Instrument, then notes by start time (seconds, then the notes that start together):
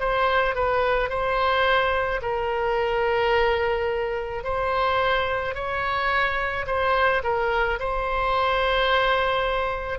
oboe
0.00 C5
0.55 B4
1.10 C5
2.22 A#4
4.44 C5
5.55 C#5
6.67 C5
7.24 A#4
7.80 C5